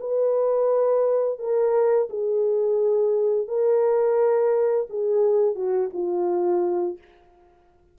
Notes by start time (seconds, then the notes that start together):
0.00 B4
1.39 A#4
2.10 G#4
3.48 A#4
4.90 G#4
5.55 F#4
5.93 F4